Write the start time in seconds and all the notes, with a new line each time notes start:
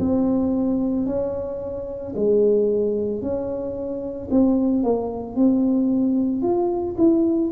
0.00 C4
1.07 C#4
2.16 G#3
3.22 C#4
4.31 C4
4.84 A#3
5.36 C4
6.42 F4
6.98 E4